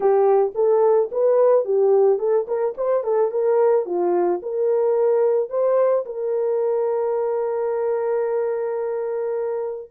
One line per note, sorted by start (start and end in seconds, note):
0.00 0.53 G4
0.55 1.10 A4
1.11 1.64 B4
1.64 2.18 G4
2.18 2.46 A4
2.47 2.74 A#4
2.77 3.03 C5
3.03 3.31 A4
3.31 3.85 A#4
3.85 4.40 F4
4.42 5.49 A#4
5.49 6.04 C5
6.05 9.90 A#4